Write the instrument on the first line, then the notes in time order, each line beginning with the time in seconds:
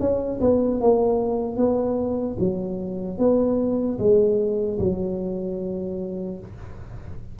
tuba
0.00 C#4
0.41 B3
0.81 A#3
1.57 B3
2.39 F#3
3.19 B3
3.99 G#3
4.79 F#3